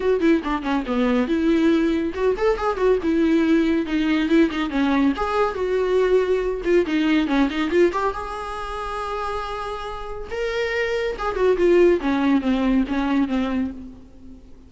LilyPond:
\new Staff \with { instrumentName = "viola" } { \time 4/4 \tempo 4 = 140 fis'8 e'8 d'8 cis'8 b4 e'4~ | e'4 fis'8 a'8 gis'8 fis'8 e'4~ | e'4 dis'4 e'8 dis'8 cis'4 | gis'4 fis'2~ fis'8 f'8 |
dis'4 cis'8 dis'8 f'8 g'8 gis'4~ | gis'1 | ais'2 gis'8 fis'8 f'4 | cis'4 c'4 cis'4 c'4 | }